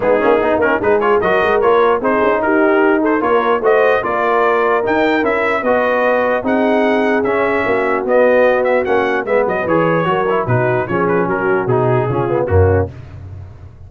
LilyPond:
<<
  \new Staff \with { instrumentName = "trumpet" } { \time 4/4 \tempo 4 = 149 gis'4. ais'8 b'8 cis''8 dis''4 | cis''4 c''4 ais'4. c''8 | cis''4 dis''4 d''2 | g''4 e''4 dis''2 |
fis''2 e''2 | dis''4. e''8 fis''4 e''8 dis''8 | cis''2 b'4 cis''8 b'8 | ais'4 gis'2 fis'4 | }
  \new Staff \with { instrumentName = "horn" } { \time 4/4 dis'2 gis'4 ais'4~ | ais'4 gis'4 g'4. a'8 | ais'4 c''4 ais'2~ | ais'2 b'2 |
gis'2. fis'4~ | fis'2. b'4~ | b'4 ais'4 fis'4 gis'4 | fis'2 f'4 cis'4 | }
  \new Staff \with { instrumentName = "trombone" } { \time 4/4 b8 cis'8 dis'8 cis'8 dis'8 f'8 fis'4 | f'4 dis'2. | f'4 fis'4 f'2 | dis'4 e'4 fis'2 |
dis'2 cis'2 | b2 cis'4 b4 | gis'4 fis'8 e'8 dis'4 cis'4~ | cis'4 dis'4 cis'8 b8 ais4 | }
  \new Staff \with { instrumentName = "tuba" } { \time 4/4 gis8 ais8 b8 ais8 gis4 fis8 gis8 | ais4 c'8 cis'8 dis'2 | ais4 a4 ais2 | dis'4 cis'4 b2 |
c'2 cis'4 ais4 | b2 ais4 gis8 fis8 | e4 fis4 b,4 f4 | fis4 b,4 cis4 fis,4 | }
>>